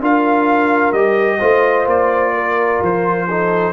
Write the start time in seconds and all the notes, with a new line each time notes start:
0.00 D4 F4 A#4 F5
0.92 G3 G4 D#5
1.39 A3 F4 C5
1.86 A#3 D5
2.34 A#4
2.82 F3 C5
3.29 D#4 A4